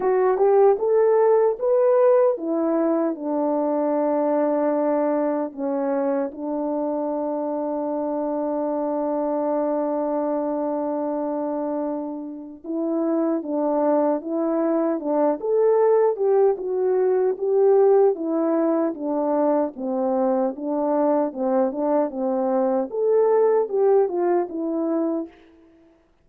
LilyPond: \new Staff \with { instrumentName = "horn" } { \time 4/4 \tempo 4 = 76 fis'8 g'8 a'4 b'4 e'4 | d'2. cis'4 | d'1~ | d'1 |
e'4 d'4 e'4 d'8 a'8~ | a'8 g'8 fis'4 g'4 e'4 | d'4 c'4 d'4 c'8 d'8 | c'4 a'4 g'8 f'8 e'4 | }